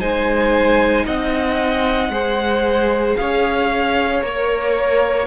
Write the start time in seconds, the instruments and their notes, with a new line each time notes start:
0.00 cello G#3, viola D#4, violin C5 G#5
1.05 cello C4, violin D#5 F#5
2.09 cello G#3, viola G#4, violin C5
3.16 cello C#4, violin C#5 F5
4.22 cello A#3, viola A#4, violin C#5